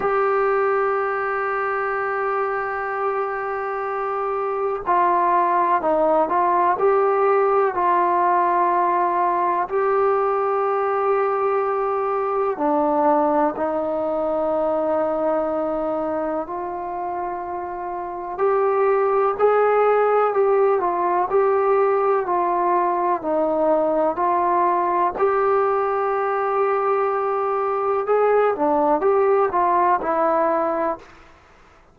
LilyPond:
\new Staff \with { instrumentName = "trombone" } { \time 4/4 \tempo 4 = 62 g'1~ | g'4 f'4 dis'8 f'8 g'4 | f'2 g'2~ | g'4 d'4 dis'2~ |
dis'4 f'2 g'4 | gis'4 g'8 f'8 g'4 f'4 | dis'4 f'4 g'2~ | g'4 gis'8 d'8 g'8 f'8 e'4 | }